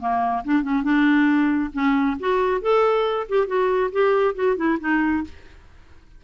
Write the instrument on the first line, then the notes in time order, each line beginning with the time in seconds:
clarinet
0.00 A#3
0.45 D4
0.63 C#4
0.84 D4
1.74 C#4
2.20 F#4
2.62 A4
3.29 G4
3.47 F#4
3.92 G4
4.35 F#4
4.57 E4
4.81 D#4